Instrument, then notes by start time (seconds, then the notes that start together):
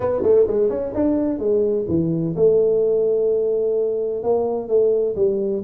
tuba
0.00 B3
0.22 A3
0.47 G#3
0.69 C#4
0.94 D4
1.38 G#3
1.88 E3
2.36 A3
4.23 A#3
4.68 A3
5.15 G3